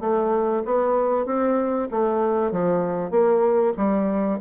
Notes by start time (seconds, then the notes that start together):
0.00 A3
0.65 B3
1.26 C4
1.91 A3
2.51 F3
3.11 A#3
3.77 G3